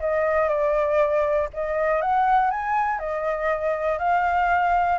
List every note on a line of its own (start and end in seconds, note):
0.00 0.49 D#5
0.49 1.49 D5
1.53 2.01 D#5
2.01 2.51 F#5
2.51 2.99 G#5
2.99 3.99 D#5
3.99 4.99 F5